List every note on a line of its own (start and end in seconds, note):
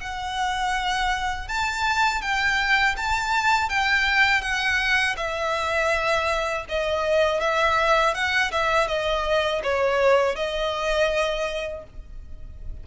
0.00 1.48 F#5
1.48 2.21 A5
2.21 2.95 G5
2.97 3.69 A5
3.69 4.41 G5
4.41 5.15 F#5
5.16 6.65 E5
6.68 7.40 D#5
7.40 8.14 E5
8.14 8.51 F#5
8.51 8.88 E5
8.88 9.62 D#5
9.63 10.35 C#5
10.35 11.84 D#5